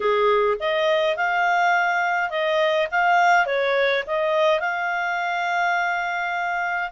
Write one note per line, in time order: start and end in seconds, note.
0.00 0.57 G#4
0.59 1.16 D#5
1.16 2.29 F5
2.29 2.87 D#5
2.91 3.46 F5
3.46 4.03 C#5
4.06 4.60 D#5
4.60 6.90 F5